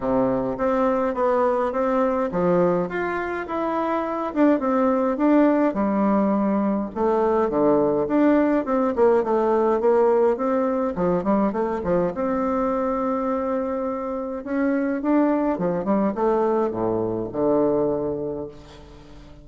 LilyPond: \new Staff \with { instrumentName = "bassoon" } { \time 4/4 \tempo 4 = 104 c4 c'4 b4 c'4 | f4 f'4 e'4. d'8 | c'4 d'4 g2 | a4 d4 d'4 c'8 ais8 |
a4 ais4 c'4 f8 g8 | a8 f8 c'2.~ | c'4 cis'4 d'4 f8 g8 | a4 a,4 d2 | }